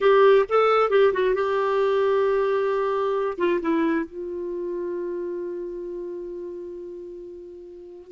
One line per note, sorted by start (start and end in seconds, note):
0.00 0.45 G4
0.48 0.90 A4
0.90 1.12 G4
1.13 1.34 F#4
1.34 3.37 G4
3.37 3.60 F4
3.61 4.05 E4
4.05 8.11 F4